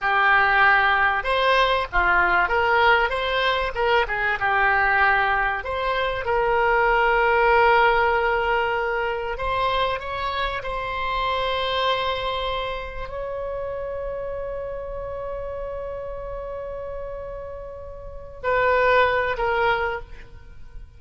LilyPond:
\new Staff \with { instrumentName = "oboe" } { \time 4/4 \tempo 4 = 96 g'2 c''4 f'4 | ais'4 c''4 ais'8 gis'8 g'4~ | g'4 c''4 ais'2~ | ais'2. c''4 |
cis''4 c''2.~ | c''4 cis''2.~ | cis''1~ | cis''4. b'4. ais'4 | }